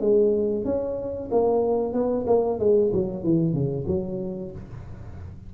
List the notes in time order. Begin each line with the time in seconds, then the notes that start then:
0.00 G#3
0.64 C#4
1.31 A#3
1.93 B3
2.26 A#3
2.59 G#3
2.93 F#3
3.23 E3
3.53 C#3
3.87 F#3